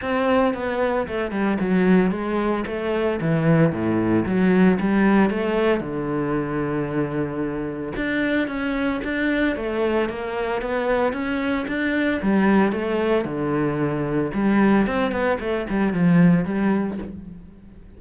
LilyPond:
\new Staff \with { instrumentName = "cello" } { \time 4/4 \tempo 4 = 113 c'4 b4 a8 g8 fis4 | gis4 a4 e4 a,4 | fis4 g4 a4 d4~ | d2. d'4 |
cis'4 d'4 a4 ais4 | b4 cis'4 d'4 g4 | a4 d2 g4 | c'8 b8 a8 g8 f4 g4 | }